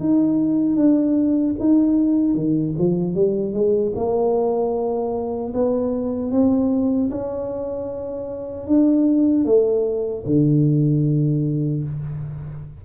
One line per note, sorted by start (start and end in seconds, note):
0.00 0.76 D#4
0.76 1.55 D4
1.59 2.35 D#4
2.35 2.74 D#3
2.78 3.15 F3
3.15 3.53 G3
3.53 3.93 G#3
3.95 5.53 A#3
5.54 6.32 B3
6.32 7.11 C4
7.11 8.67 C#4
8.67 9.45 D4
9.45 10.24 A3
10.26 11.84 D3